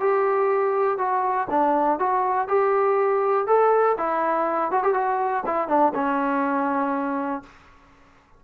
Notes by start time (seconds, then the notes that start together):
0.00 G4
0.98 F#4
1.50 D4
1.99 F#4
2.48 G4
3.47 A4
3.97 E4
4.71 F#4
4.83 G4
4.94 F#4
5.46 E4
5.68 D4
5.94 C#4